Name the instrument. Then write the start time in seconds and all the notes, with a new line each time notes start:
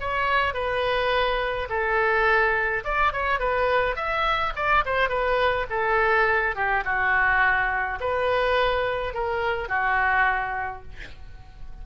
oboe
0.00 C#5
0.54 B4
1.69 A4
2.84 D5
3.12 C#5
3.39 B4
3.95 E5
4.55 D5
4.85 C5
5.09 B4
5.69 A4
6.55 G4
6.84 F#4
8.00 B4
9.14 A#4
9.68 F#4